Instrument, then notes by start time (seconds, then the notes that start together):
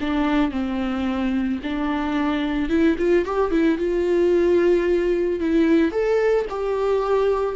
viola
0.00 D4
0.51 C4
1.63 D4
2.69 E4
2.98 F4
3.25 G4
3.50 E4
3.78 F4
5.40 E4
5.91 A4
6.49 G4